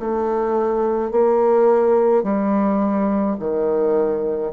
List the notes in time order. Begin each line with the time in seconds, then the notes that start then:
0.00 A3
1.12 A#3
2.23 G3
3.40 D#3